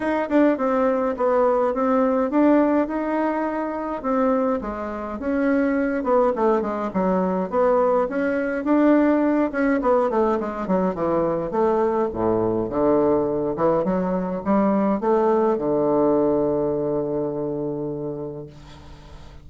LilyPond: \new Staff \with { instrumentName = "bassoon" } { \time 4/4 \tempo 4 = 104 dis'8 d'8 c'4 b4 c'4 | d'4 dis'2 c'4 | gis4 cis'4. b8 a8 gis8 | fis4 b4 cis'4 d'4~ |
d'8 cis'8 b8 a8 gis8 fis8 e4 | a4 a,4 d4. e8 | fis4 g4 a4 d4~ | d1 | }